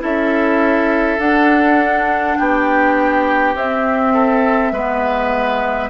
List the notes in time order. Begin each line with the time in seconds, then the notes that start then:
0.00 C#4 E4 A4 E5
1.19 D4 F#5
2.38 B3 G4 G5
3.55 C4 E5
4.13 A4
4.72 G#3 B3 B4